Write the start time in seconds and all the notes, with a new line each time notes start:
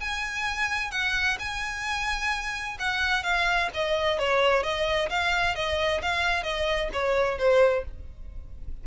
0.00 G#5
0.91 F#5
1.39 G#5
2.79 F#5
3.23 F5
3.74 D#5
4.19 C#5
4.63 D#5
5.09 F5
5.55 D#5
6.02 F5
6.43 D#5
6.93 C#5
7.38 C5